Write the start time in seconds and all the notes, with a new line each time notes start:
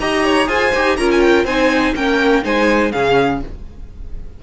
0.00 D#4 G4 D#5 A#5
0.25 C#5
0.47 F4 G#4 C5 G#5
0.75 D#4 G4
0.97 C#4 F4 A#4 A#5
1.12 G#5
1.21 G5
1.45 C4 D#4 C5 G#5
1.96 A#3 C#4 A#4 G5
2.43 G#3 D#4 C5 G#5
2.92 C#3 C#4 G#4 F5